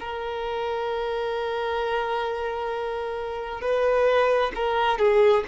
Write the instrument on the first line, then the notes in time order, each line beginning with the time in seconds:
violin
0.00 A#4
3.61 B4
4.55 A#4
4.99 G#4